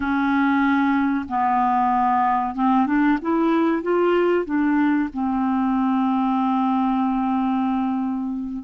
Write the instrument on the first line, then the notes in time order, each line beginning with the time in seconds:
clarinet
0.00 C#4
1.28 B3
2.54 C4
2.86 D4
3.21 E4
3.82 F4
4.45 D4
5.13 C4